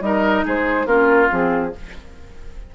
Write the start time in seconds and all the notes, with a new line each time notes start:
0.00 G3 D#4 A#4 D#5
0.44 G#3 G#4 C5
0.85 A#3 C#4 F4 A#4
1.28 F3 C4 G#4